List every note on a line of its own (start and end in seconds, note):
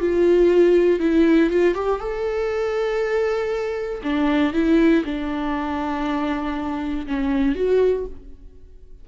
0.00 0.99 F4
0.99 1.50 E4
1.50 1.74 F4
1.74 1.99 G4
1.99 4.01 A4
4.03 4.53 D4
4.53 5.04 E4
5.04 7.06 D4
7.07 7.55 C#4
7.55 8.06 F#4